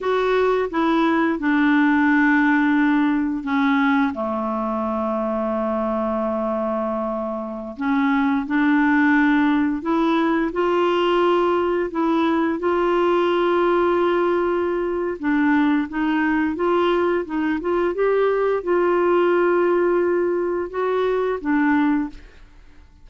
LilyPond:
\new Staff \with { instrumentName = "clarinet" } { \time 4/4 \tempo 4 = 87 fis'4 e'4 d'2~ | d'4 cis'4 a2~ | a2.~ a16 cis'8.~ | cis'16 d'2 e'4 f'8.~ |
f'4~ f'16 e'4 f'4.~ f'16~ | f'2 d'4 dis'4 | f'4 dis'8 f'8 g'4 f'4~ | f'2 fis'4 d'4 | }